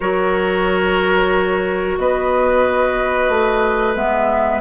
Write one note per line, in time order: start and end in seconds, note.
0.00 1.97 F#3
0.00 3.96 F#4
0.00 1.98 A#4
0.00 1.97 C#5
1.97 3.29 B3
1.97 4.60 B4
1.97 3.95 D#5
3.29 3.95 A3
3.95 4.60 G#3
3.95 4.60 B3
3.95 4.60 E5